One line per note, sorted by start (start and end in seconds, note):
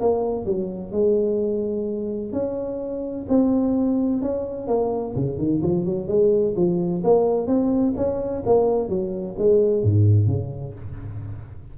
0.00 0.45 A#3
0.45 0.92 F#3
0.92 2.32 G#3
2.32 3.26 C#4
3.28 4.22 C4
4.22 4.67 C#4
4.67 5.14 A#3
5.15 5.38 C#3
5.38 5.62 D#3
5.62 5.85 F3
5.85 6.07 F#3
6.07 6.54 G#3
6.56 7.03 F3
7.04 7.47 A#3
7.47 7.94 C4
7.96 8.43 C#4
8.46 8.89 A#3
8.89 9.36 F#3
9.38 9.83 G#3
9.83 10.27 G#2
10.27 10.74 C#3